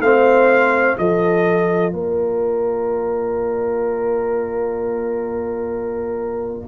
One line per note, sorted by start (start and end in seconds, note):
0.00 0.95 A3
0.00 0.96 C4
0.00 0.99 C5
0.00 0.97 F5
0.96 1.92 F3
0.96 6.68 F4
0.96 1.93 A4
0.96 1.92 D#5
1.92 6.68 A#3
1.92 6.68 A#4
1.92 6.68 D5